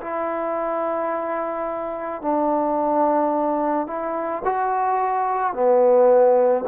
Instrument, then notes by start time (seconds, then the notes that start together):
trombone
0.00 E4
2.21 D4
3.87 E4
4.44 F#4
5.53 B3